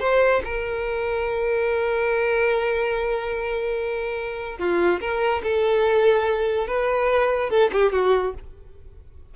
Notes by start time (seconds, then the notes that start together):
0.00 C5
0.44 A#4
4.58 F4
5.00 A#4
5.43 A4
6.67 B4
7.50 A4
7.72 G4
7.92 F#4